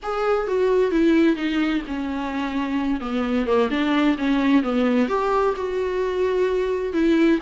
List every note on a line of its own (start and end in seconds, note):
0.03 0.47 G#4
0.47 0.91 F#4
0.91 1.36 E4
1.36 1.82 D#4
1.87 3.00 C#4
3.00 3.46 B3
3.46 3.69 A#3
3.70 4.16 D4
4.18 4.63 C#4
4.63 5.08 B3
5.08 5.54 G4
5.56 6.93 F#4
6.93 7.39 E4